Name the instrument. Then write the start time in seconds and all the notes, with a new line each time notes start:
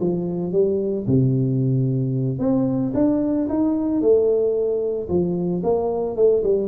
tuba
0.00 F3
0.52 G3
1.07 C3
2.39 C4
2.94 D4
3.49 D#4
4.01 A3
5.08 F3
5.63 A#3
6.16 A3
6.43 G3